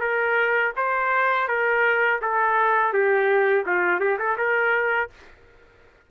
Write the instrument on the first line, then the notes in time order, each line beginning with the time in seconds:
trumpet
0.00 A#4
0.76 C5
1.48 A#4
2.21 A4
2.93 G4
3.66 F4
4.00 G4
4.19 A4
4.37 A#4